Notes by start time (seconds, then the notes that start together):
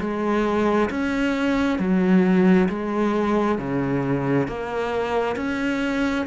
0.00 G#3
0.90 C#4
1.79 F#3
2.69 G#3
3.58 C#3
4.47 A#3
5.36 C#4